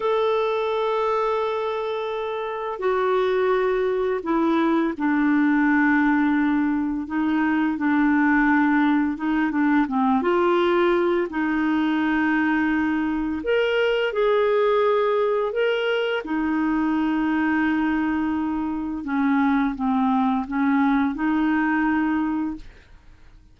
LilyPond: \new Staff \with { instrumentName = "clarinet" } { \time 4/4 \tempo 4 = 85 a'1 | fis'2 e'4 d'4~ | d'2 dis'4 d'4~ | d'4 dis'8 d'8 c'8 f'4. |
dis'2. ais'4 | gis'2 ais'4 dis'4~ | dis'2. cis'4 | c'4 cis'4 dis'2 | }